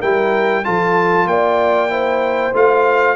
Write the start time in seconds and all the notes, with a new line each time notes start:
0.00 G3 E4 A#4 G5
0.64 F3 F4 A4 A5
1.26 A#3 D5 G5
1.89 E4 C5
2.54 A3 F4 F5